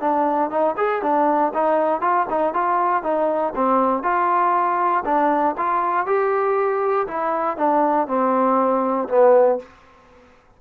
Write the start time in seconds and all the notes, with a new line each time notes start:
0.00 D4
0.50 D#4
0.77 G#4
1.02 D4
1.54 D#4
2.01 F4
2.30 D#4
2.54 F4
3.03 D#4
3.55 C4
4.03 F4
5.05 D4
5.57 F4
6.06 G4
7.07 E4
7.57 D4
8.07 C4
9.09 B3